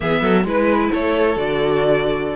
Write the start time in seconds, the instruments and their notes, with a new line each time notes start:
0.00 cello E3, viola B3, violin G#4 E5
0.21 cello F#3, violin A4
0.44 cello G#3, viola E4, violin B4
0.92 cello A3, violin A4 C#5
1.36 cello D3, viola F#4, violin D5